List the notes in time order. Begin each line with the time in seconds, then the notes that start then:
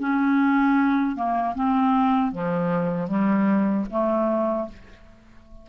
0.00 C#4
1.16 A#3
1.55 C4
2.32 F3
3.08 G3
3.91 A3